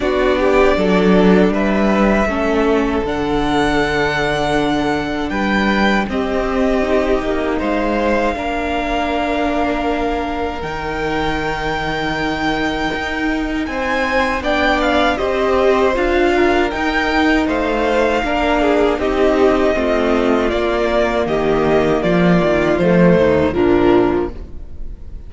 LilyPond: <<
  \new Staff \with { instrumentName = "violin" } { \time 4/4 \tempo 4 = 79 d''2 e''2 | fis''2. g''4 | dis''2 f''2~ | f''2 g''2~ |
g''2 gis''4 g''8 f''8 | dis''4 f''4 g''4 f''4~ | f''4 dis''2 d''4 | dis''4 d''4 c''4 ais'4 | }
  \new Staff \with { instrumentName = "violin" } { \time 4/4 fis'8 g'8 a'4 b'4 a'4~ | a'2. b'4 | g'2 c''4 ais'4~ | ais'1~ |
ais'2 c''4 d''4 | c''4. ais'4. c''4 | ais'8 gis'8 g'4 f'2 | g'4 f'4. dis'8 d'4 | }
  \new Staff \with { instrumentName = "viola" } { \time 4/4 d'2. cis'4 | d'1 | c'4 dis'2 d'4~ | d'2 dis'2~ |
dis'2. d'4 | g'4 f'4 dis'2 | d'4 dis'4 c'4 ais4~ | ais2 a4 f4 | }
  \new Staff \with { instrumentName = "cello" } { \time 4/4 b4 fis4 g4 a4 | d2. g4 | c'4. ais8 gis4 ais4~ | ais2 dis2~ |
dis4 dis'4 c'4 b4 | c'4 d'4 dis'4 a4 | ais4 c'4 a4 ais4 | dis4 f8 dis8 f8 dis,8 ais,4 | }
>>